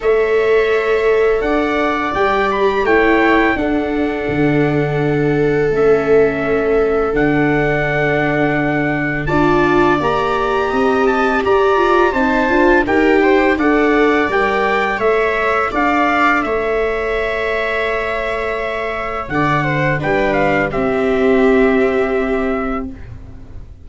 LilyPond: <<
  \new Staff \with { instrumentName = "trumpet" } { \time 4/4 \tempo 4 = 84 e''2 fis''4 g''8 b''8 | g''4 fis''2. | e''2 fis''2~ | fis''4 a''4 ais''4. a''8 |
ais''4 a''4 g''4 fis''4 | g''4 e''4 f''4 e''4~ | e''2. fis''4 | g''8 f''8 e''2. | }
  \new Staff \with { instrumentName = "viola" } { \time 4/4 cis''2 d''2 | cis''4 a'2.~ | a'1~ | a'4 d''2 dis''4 |
d''4 c''4 ais'8 c''8 d''4~ | d''4 cis''4 d''4 cis''4~ | cis''2. d''8 c''8 | b'4 g'2. | }
  \new Staff \with { instrumentName = "viola" } { \time 4/4 a'2. g'4 | e'4 d'2. | cis'2 d'2~ | d'4 f'4 g'2~ |
g'8 f'8 dis'8 f'8 g'4 a'4 | ais'4 a'2.~ | a'1 | d'4 c'2. | }
  \new Staff \with { instrumentName = "tuba" } { \time 4/4 a2 d'4 g4 | a4 d'4 d2 | a2 d2~ | d4 d'4 ais4 c'4 |
g'4 c'8 d'8 dis'4 d'4 | g4 a4 d'4 a4~ | a2. d4 | g4 c'2. | }
>>